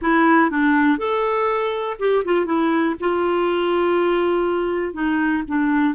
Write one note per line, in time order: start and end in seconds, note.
0.01 0.50 E4
0.50 0.98 D4
0.98 1.97 A4
1.99 2.24 G4
2.24 2.45 F4
2.45 2.95 E4
3.00 4.93 F4
4.93 5.43 D#4
5.47 5.94 D4